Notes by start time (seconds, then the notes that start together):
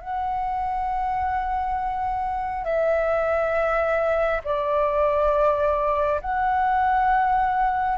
0.00 F#5
2.64 E5
4.44 D5
6.21 F#5